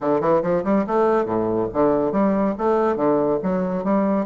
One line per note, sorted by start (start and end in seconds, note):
0.00 0.20 D3
0.20 0.42 E3
0.42 0.63 F3
0.64 0.85 G3
0.86 1.25 A3
1.25 1.67 A2
1.73 2.12 D3
2.12 2.54 G3
2.58 2.96 A3
2.96 3.38 D3
3.43 3.84 F#3
3.84 4.26 G3